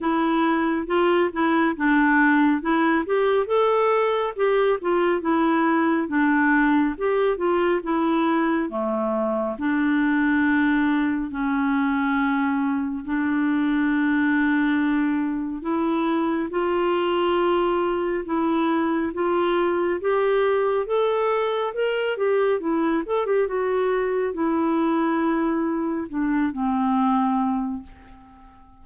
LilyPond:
\new Staff \with { instrumentName = "clarinet" } { \time 4/4 \tempo 4 = 69 e'4 f'8 e'8 d'4 e'8 g'8 | a'4 g'8 f'8 e'4 d'4 | g'8 f'8 e'4 a4 d'4~ | d'4 cis'2 d'4~ |
d'2 e'4 f'4~ | f'4 e'4 f'4 g'4 | a'4 ais'8 g'8 e'8 a'16 g'16 fis'4 | e'2 d'8 c'4. | }